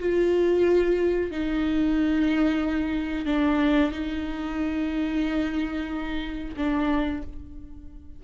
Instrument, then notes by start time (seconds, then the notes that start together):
viola
0.00 F4
1.32 D#4
3.26 D4
3.92 D#4
6.57 D4